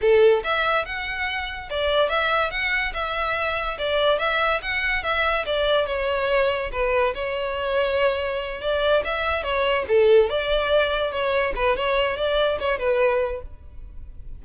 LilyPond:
\new Staff \with { instrumentName = "violin" } { \time 4/4 \tempo 4 = 143 a'4 e''4 fis''2 | d''4 e''4 fis''4 e''4~ | e''4 d''4 e''4 fis''4 | e''4 d''4 cis''2 |
b'4 cis''2.~ | cis''8 d''4 e''4 cis''4 a'8~ | a'8 d''2 cis''4 b'8 | cis''4 d''4 cis''8 b'4. | }